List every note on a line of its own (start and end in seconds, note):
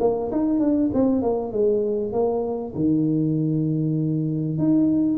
0.00 0.31 A#3
0.31 0.60 D#4
0.60 0.90 D4
0.94 1.22 C4
1.22 1.52 A#3
1.52 2.12 G#3
2.12 2.74 A#3
2.75 4.58 D#3
4.58 5.18 D#4